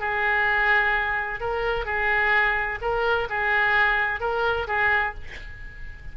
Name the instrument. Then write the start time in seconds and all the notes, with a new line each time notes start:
oboe
0.00 G#4
1.41 A#4
1.85 G#4
2.82 A#4
3.30 G#4
4.20 A#4
4.68 G#4